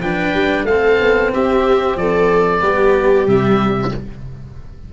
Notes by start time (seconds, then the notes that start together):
0.00 F3 D4 B4 G5
0.34 G3
0.64 A3 C4 A4 F5
1.01 B3
1.33 C4 G4 E5
1.96 F3 A4 D5
2.61 G3 B3 G4
3.26 C3 G3 E5